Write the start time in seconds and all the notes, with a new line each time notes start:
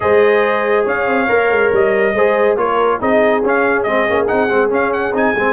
0.00 G#3 G#4 C5 D#5
0.85 C#4 C#5 F5
1.06 C4
1.27 A#3 A#4
1.50 G#3
1.72 G3 D#5
2.13 G#3 G#4 C5
2.56 A#3 F4 A#4 C#5
3.00 C4 D#4 G#4 D#5
3.43 C#4 F5
3.82 G#3 C4 D#5
4.08 A#3 C#4
4.26 C4 D#4 F#5
4.49 G#3 C4
4.69 C#4 F5
4.92 F#5
5.13 C4 D#4 G#5
5.35 G#3 C4